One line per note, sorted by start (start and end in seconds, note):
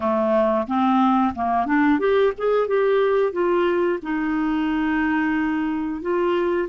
0.00 0.67 A3
0.67 1.33 C4
1.35 1.65 A#3
1.65 1.99 D4
1.99 2.32 G4
2.37 2.67 G#4
2.67 3.32 G4
3.32 3.99 F4
4.02 6.02 D#4
6.02 6.68 F4